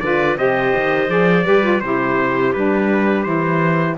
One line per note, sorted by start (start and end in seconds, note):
0.00 0.37 D3
0.00 0.37 F4
0.00 0.38 B4
0.00 0.36 D5
0.37 0.73 C3
0.37 1.08 G4
0.37 1.46 C5
0.37 1.10 D#5
0.77 1.09 D#3
1.08 1.45 F3
1.08 1.44 G#4
1.08 1.80 D5
1.44 1.82 G3
1.44 1.62 G4
1.44 1.82 B4
1.62 1.80 F4
1.80 2.55 C3
1.80 2.55 E4
1.80 3.97 G4
1.80 2.53 C5
2.53 3.26 G3
2.53 3.24 D4
2.53 3.23 B4
3.23 3.97 E3
3.23 3.97 E4
3.23 3.95 C5